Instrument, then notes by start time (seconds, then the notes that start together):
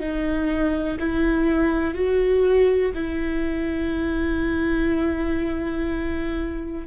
viola
0.00 D#4
1.00 E4
1.94 F#4
2.95 E4